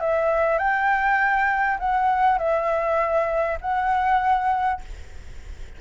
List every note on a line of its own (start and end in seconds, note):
0.00 0.58 E5
0.58 1.78 G5
1.79 2.38 F#5
2.38 3.58 E5
3.61 4.81 F#5